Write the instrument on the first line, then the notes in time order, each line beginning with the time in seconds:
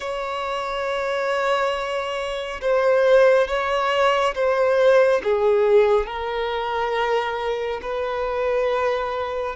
violin
0.00 C#5
2.61 C5
3.47 C#5
4.34 C5
5.23 G#4
6.06 A#4
7.82 B4